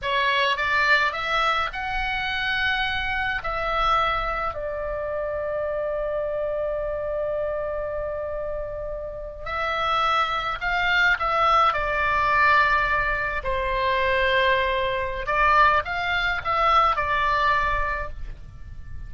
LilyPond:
\new Staff \with { instrumentName = "oboe" } { \time 4/4 \tempo 4 = 106 cis''4 d''4 e''4 fis''4~ | fis''2 e''2 | d''1~ | d''1~ |
d''8. e''2 f''4 e''16~ | e''8. d''2. c''16~ | c''2. d''4 | f''4 e''4 d''2 | }